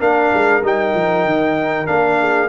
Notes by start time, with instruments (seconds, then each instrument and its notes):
0.00 tuba A#3, trombone D4, horn A#4, trumpet F5
0.34 tuba G#3
0.62 tuba G3, trombone D#4, trumpet G5
0.95 tuba F3
1.25 tuba D#3
1.86 tuba A#3, trombone D4, trumpet F5
2.20 horn G#4